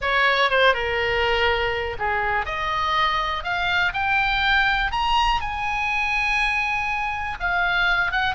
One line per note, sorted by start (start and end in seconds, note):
0.01 0.50 C#5
0.50 0.74 C5
0.74 1.96 A#4
1.98 2.45 G#4
2.45 3.43 D#5
3.43 3.92 F5
3.93 4.91 G5
4.91 5.40 A#5
5.41 7.37 G#5
7.39 8.11 F5
8.11 8.34 F#5